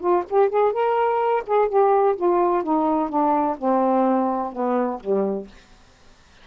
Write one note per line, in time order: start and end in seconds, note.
0.00 0.24 F4
0.29 0.49 G4
0.49 0.72 G#4
0.72 1.43 A#4
1.47 1.68 G#4
1.68 2.15 G4
2.16 2.63 F4
2.63 3.09 D#4
3.09 3.56 D4
3.58 4.52 C4
4.52 5.00 B3
5.00 5.47 G3